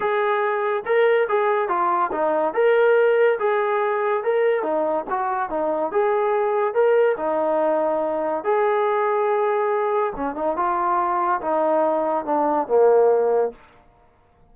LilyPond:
\new Staff \with { instrumentName = "trombone" } { \time 4/4 \tempo 4 = 142 gis'2 ais'4 gis'4 | f'4 dis'4 ais'2 | gis'2 ais'4 dis'4 | fis'4 dis'4 gis'2 |
ais'4 dis'2. | gis'1 | cis'8 dis'8 f'2 dis'4~ | dis'4 d'4 ais2 | }